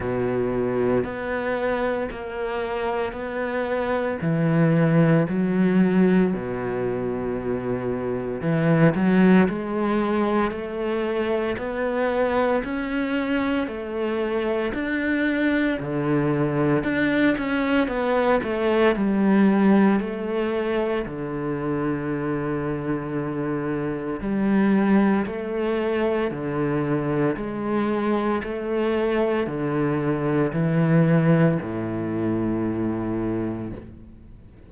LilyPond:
\new Staff \with { instrumentName = "cello" } { \time 4/4 \tempo 4 = 57 b,4 b4 ais4 b4 | e4 fis4 b,2 | e8 fis8 gis4 a4 b4 | cis'4 a4 d'4 d4 |
d'8 cis'8 b8 a8 g4 a4 | d2. g4 | a4 d4 gis4 a4 | d4 e4 a,2 | }